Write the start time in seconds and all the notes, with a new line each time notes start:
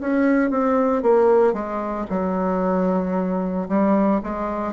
0.00 C#4
0.50 C4
1.02 A#3
1.53 G#3
2.10 F#3
3.68 G3
4.22 G#3